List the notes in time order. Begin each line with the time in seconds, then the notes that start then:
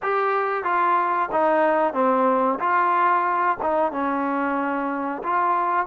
0.02 G4
0.64 F4
1.32 D#4
1.93 C4
2.59 F4
3.61 D#4
3.91 C#4
5.23 F4